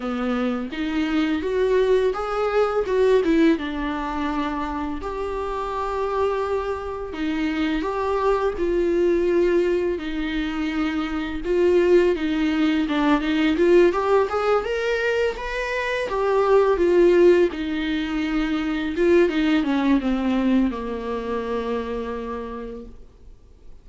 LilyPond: \new Staff \with { instrumentName = "viola" } { \time 4/4 \tempo 4 = 84 b4 dis'4 fis'4 gis'4 | fis'8 e'8 d'2 g'4~ | g'2 dis'4 g'4 | f'2 dis'2 |
f'4 dis'4 d'8 dis'8 f'8 g'8 | gis'8 ais'4 b'4 g'4 f'8~ | f'8 dis'2 f'8 dis'8 cis'8 | c'4 ais2. | }